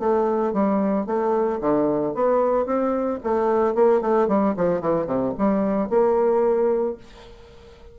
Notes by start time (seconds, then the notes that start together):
0.00 A3
0.54 G3
1.07 A3
1.61 D3
2.15 B3
2.66 C4
3.24 A3
3.75 A#3
4.02 A3
4.29 G3
4.57 F3
4.82 E3
5.07 C3
5.38 G3
5.90 A#3